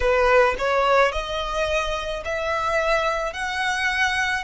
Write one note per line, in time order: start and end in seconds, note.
0.00 0.55 B4
0.58 1.12 C#5
1.12 2.23 D#5
2.24 3.33 E5
3.33 4.43 F#5